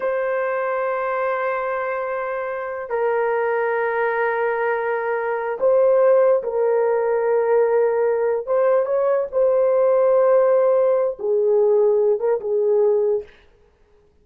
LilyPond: \new Staff \with { instrumentName = "horn" } { \time 4/4 \tempo 4 = 145 c''1~ | c''2. ais'4~ | ais'1~ | ais'4. c''2 ais'8~ |
ais'1~ | ais'8 c''4 cis''4 c''4.~ | c''2. gis'4~ | gis'4. ais'8 gis'2 | }